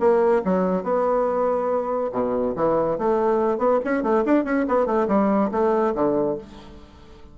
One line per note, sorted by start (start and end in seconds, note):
0.00 0.43 A#3
0.45 0.84 F#3
0.84 2.11 B3
2.13 2.55 B2
2.56 2.99 E3
2.99 3.58 A3
3.58 3.80 B3
3.85 4.03 C#4
4.03 4.25 A3
4.26 4.45 D4
4.45 4.66 C#4
4.69 4.86 B3
4.86 5.08 A3
5.08 5.51 G3
5.52 5.95 A3
5.96 6.38 D3